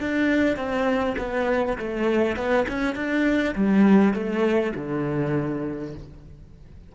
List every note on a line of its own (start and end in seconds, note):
0.00 0.56 D4
0.56 1.16 C4
1.18 1.78 B3
1.78 2.37 A3
2.37 2.67 B3
2.68 2.95 C#4
2.95 3.55 D4
3.56 4.14 G3
4.14 4.73 A3
4.76 5.94 D3